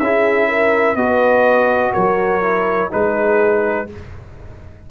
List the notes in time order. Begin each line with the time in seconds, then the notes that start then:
0.00 C#4 E4 G#4 E5
0.49 A#4
0.96 B3 F#4 B4 D#5
1.93 F#3 A#4 C#5
2.42 E4
2.91 G#3 D#4 G#4 B4